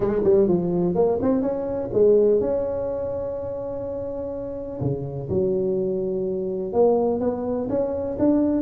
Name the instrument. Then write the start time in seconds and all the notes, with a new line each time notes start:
tuba
0.00 G#3
0.24 G3
0.48 F3
0.94 A#3
1.21 C4
1.41 C#4
1.93 G#3
2.40 C#4
4.80 C#3
5.29 F#3
6.72 A#3
7.20 B3
7.69 C#4
8.18 D4